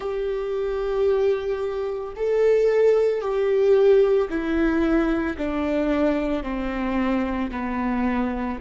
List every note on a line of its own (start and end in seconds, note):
0.00 2.13 G4
2.15 3.21 A4
3.21 4.28 G4
4.29 5.36 E4
5.37 6.43 D4
6.43 7.50 C4
7.51 8.58 B3